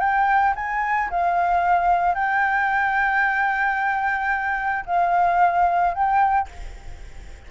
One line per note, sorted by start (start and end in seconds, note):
0.00 0.54 G5
0.56 1.10 G#5
1.11 2.15 F5
2.15 4.85 G5
4.86 5.94 F5
5.94 6.48 G5